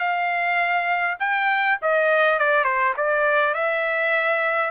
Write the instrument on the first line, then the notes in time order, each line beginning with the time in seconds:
trumpet
0.00 F5
1.19 G5
1.82 D#5
2.39 D5
2.64 C5
2.97 D5
3.54 E5